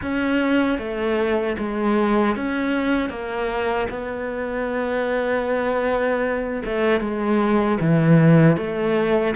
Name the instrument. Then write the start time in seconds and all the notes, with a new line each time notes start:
cello
0.02 C#4
0.78 A3
1.58 G#3
2.36 C#4
3.09 A#3
3.89 B3
6.65 A3
7.00 G#3
7.80 E3
8.56 A3